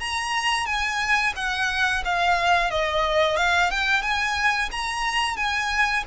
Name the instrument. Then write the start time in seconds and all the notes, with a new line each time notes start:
violin
0.00 A#5
0.66 G#5
1.36 F#5
2.05 F5
2.71 D#5
3.37 F5
3.71 G5
4.02 G#5
4.72 A#5
5.37 G#5